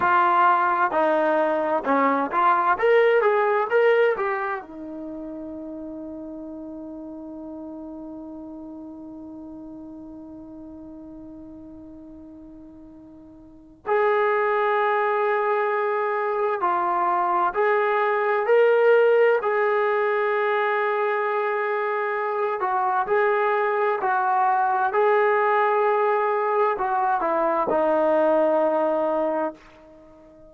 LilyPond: \new Staff \with { instrumentName = "trombone" } { \time 4/4 \tempo 4 = 65 f'4 dis'4 cis'8 f'8 ais'8 gis'8 | ais'8 g'8 dis'2.~ | dis'1~ | dis'2. gis'4~ |
gis'2 f'4 gis'4 | ais'4 gis'2.~ | gis'8 fis'8 gis'4 fis'4 gis'4~ | gis'4 fis'8 e'8 dis'2 | }